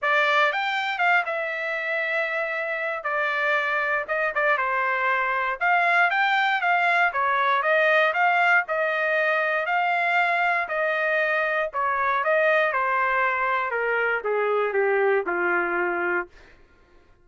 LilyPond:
\new Staff \with { instrumentName = "trumpet" } { \time 4/4 \tempo 4 = 118 d''4 g''4 f''8 e''4.~ | e''2 d''2 | dis''8 d''8 c''2 f''4 | g''4 f''4 cis''4 dis''4 |
f''4 dis''2 f''4~ | f''4 dis''2 cis''4 | dis''4 c''2 ais'4 | gis'4 g'4 f'2 | }